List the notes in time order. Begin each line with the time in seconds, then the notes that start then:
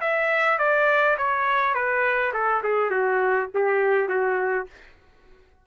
0.00 E5
0.59 D5
1.18 C#5
1.74 B4
2.33 A4
2.63 G#4
2.90 F#4
3.54 G4
4.08 F#4